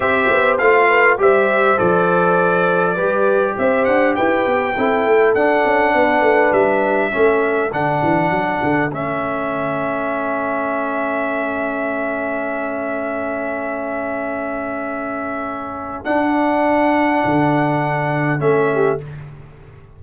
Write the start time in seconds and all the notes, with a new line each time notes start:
0.00 C4 G4 C5 E5
0.30 B3
0.58 A3 F4 F5
0.88 B4
1.18 G3 G4 C5 E5
1.77 F3 A4 D5
2.94 G3 G4 B4
3.58 C4 C5 E5
3.84 D4 F#5
4.15 E4 B4 G5
4.46 B3
4.77 C4 E4 A4
5.06 A3
5.34 D4 F#5
5.65 C#4
5.93 B3 B4
6.21 A3
6.52 G3 E5
7.10 A3 C#4 A4
7.71 D3 D4 F#5
8.02 E3
8.30 F#3
8.63 D3
8.92 A3 C#4 E5
16.04 D4 F#5
17.25 D3
18.38 A3 C#4 E5
18.73 G4